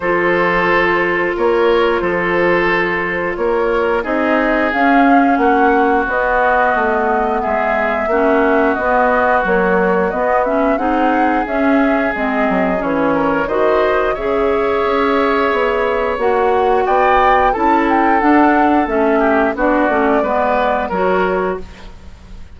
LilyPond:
<<
  \new Staff \with { instrumentName = "flute" } { \time 4/4 \tempo 4 = 89 c''2 cis''4 c''4~ | c''4 cis''4 dis''4 f''4 | fis''4 dis''2 e''4~ | e''4 dis''4 cis''4 dis''8 e''8 |
fis''4 e''4 dis''4 cis''4 | dis''4 e''2. | fis''4 g''4 a''8 g''8 fis''4 | e''4 d''2 cis''4 | }
  \new Staff \with { instrumentName = "oboe" } { \time 4/4 a'2 ais'4 a'4~ | a'4 ais'4 gis'2 | fis'2. gis'4 | fis'1 |
gis'2.~ gis'8 ais'8 | c''4 cis''2.~ | cis''4 d''4 a'2~ | a'8 g'8 fis'4 b'4 ais'4 | }
  \new Staff \with { instrumentName = "clarinet" } { \time 4/4 f'1~ | f'2 dis'4 cis'4~ | cis'4 b2. | cis'4 b4 fis4 b8 cis'8 |
dis'4 cis'4 c'4 cis'4 | fis'4 gis'2. | fis'2 e'4 d'4 | cis'4 d'8 cis'8 b4 fis'4 | }
  \new Staff \with { instrumentName = "bassoon" } { \time 4/4 f2 ais4 f4~ | f4 ais4 c'4 cis'4 | ais4 b4 a4 gis4 | ais4 b4 ais4 b4 |
c'4 cis'4 gis8 fis8 e4 | dis4 cis4 cis'4 b4 | ais4 b4 cis'4 d'4 | a4 b8 a8 gis4 fis4 | }
>>